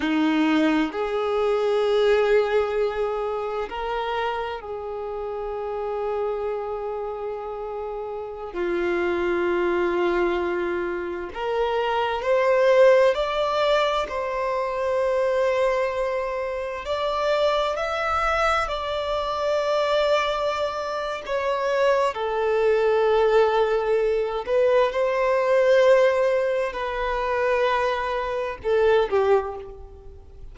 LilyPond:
\new Staff \with { instrumentName = "violin" } { \time 4/4 \tempo 4 = 65 dis'4 gis'2. | ais'4 gis'2.~ | gis'4~ gis'16 f'2~ f'8.~ | f'16 ais'4 c''4 d''4 c''8.~ |
c''2~ c''16 d''4 e''8.~ | e''16 d''2~ d''8. cis''4 | a'2~ a'8 b'8 c''4~ | c''4 b'2 a'8 g'8 | }